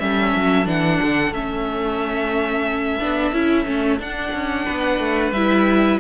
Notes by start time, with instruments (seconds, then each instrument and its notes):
0.00 cello G3, viola C#4, violin A4 E5
0.36 cello F#3
0.66 cello E3, viola D4, violin F#5
1.03 cello D3
1.32 cello A3, viola C#4, violin E5
3.00 cello B3, viola D4
3.33 cello C#4, viola E4
3.65 cello A3, viola C#4
4.00 cello D4, viola D4, violin F#5
4.34 cello C#4
4.66 cello B3, violin B4
4.99 cello A3
5.32 cello G3, viola E4, violin E5